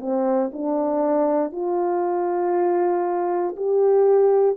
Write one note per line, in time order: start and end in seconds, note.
0.00 0.51 C4
0.53 1.53 D4
1.53 3.56 F4
3.57 4.57 G4